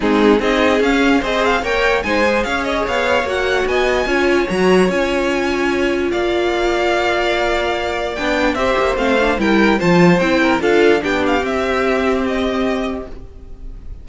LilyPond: <<
  \new Staff \with { instrumentName = "violin" } { \time 4/4 \tempo 4 = 147 gis'4 dis''4 f''4 dis''8 f''8 | g''4 gis''4 f''8 dis''8 f''4 | fis''4 gis''2 ais''4 | gis''2. f''4~ |
f''1 | g''4 e''4 f''4 g''4 | a''4 g''4 f''4 g''8 f''8 | e''2 dis''2 | }
  \new Staff \with { instrumentName = "violin" } { \time 4/4 dis'4 gis'2 c''4 | cis''4 c''4 cis''2~ | cis''4 dis''4 cis''2~ | cis''2. d''4~ |
d''1~ | d''4 c''2 ais'4 | c''4. ais'8 a'4 g'4~ | g'1 | }
  \new Staff \with { instrumentName = "viola" } { \time 4/4 c'4 dis'4 cis'4 gis'4 | ais'4 dis'8 gis'2~ gis'8 | fis'2 f'4 fis'4 | f'1~ |
f'1 | d'4 g'4 c'8 d'8 e'4 | f'4 e'4 f'4 d'4 | c'1 | }
  \new Staff \with { instrumentName = "cello" } { \time 4/4 gis4 c'4 cis'4 c'4 | ais4 gis4 cis'4 b4 | ais4 b4 cis'4 fis4 | cis'2. ais4~ |
ais1 | b4 c'8 ais8 a4 g4 | f4 c'4 d'4 b4 | c'1 | }
>>